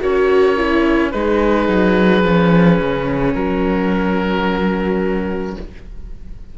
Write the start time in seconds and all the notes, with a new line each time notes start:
0.00 C#4 F#4 A#4 C#5
0.56 E4
1.11 G#3 D#4 G#4 B4
1.68 F#3
2.23 F3 C#4
2.79 C#3
3.34 F#3 F#4 A#4